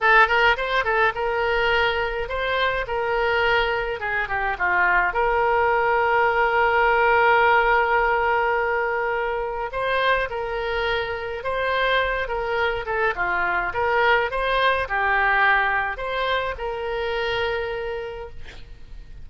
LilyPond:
\new Staff \with { instrumentName = "oboe" } { \time 4/4 \tempo 4 = 105 a'8 ais'8 c''8 a'8 ais'2 | c''4 ais'2 gis'8 g'8 | f'4 ais'2.~ | ais'1~ |
ais'4 c''4 ais'2 | c''4. ais'4 a'8 f'4 | ais'4 c''4 g'2 | c''4 ais'2. | }